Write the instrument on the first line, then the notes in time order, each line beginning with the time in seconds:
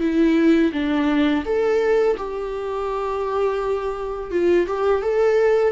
viola
0.00 E4
0.72 D4
1.45 A4
2.17 G4
4.31 F4
4.67 G4
5.02 A4